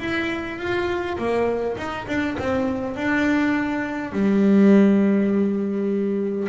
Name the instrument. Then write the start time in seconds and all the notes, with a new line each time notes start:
double bass
0.00 E4
0.59 F4
1.18 A#3
1.77 D#4
2.08 D4
2.39 C4
2.96 D4
4.13 G3